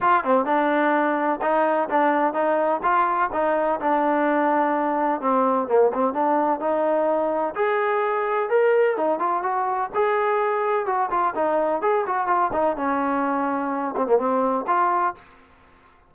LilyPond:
\new Staff \with { instrumentName = "trombone" } { \time 4/4 \tempo 4 = 127 f'8 c'8 d'2 dis'4 | d'4 dis'4 f'4 dis'4 | d'2. c'4 | ais8 c'8 d'4 dis'2 |
gis'2 ais'4 dis'8 f'8 | fis'4 gis'2 fis'8 f'8 | dis'4 gis'8 fis'8 f'8 dis'8 cis'4~ | cis'4. c'16 ais16 c'4 f'4 | }